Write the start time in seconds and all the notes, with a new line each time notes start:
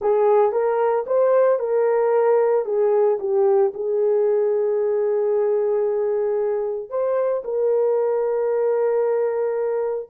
0.01 G#4
0.51 A#4
1.06 C5
1.59 A#4
2.65 G#4
3.19 G4
3.73 G#4
6.89 C5
7.44 A#4